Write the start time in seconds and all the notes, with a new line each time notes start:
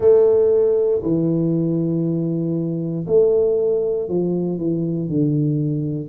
0.00 A3
1.02 E3
3.07 A3
4.08 F3
4.58 E3
5.08 D3